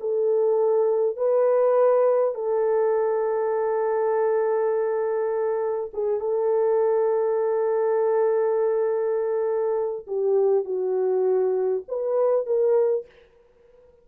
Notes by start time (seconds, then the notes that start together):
0.00 A4
1.16 B4
2.34 A4
5.93 G#4
6.20 A4
10.06 G4
10.64 F#4
11.88 B4
12.46 A#4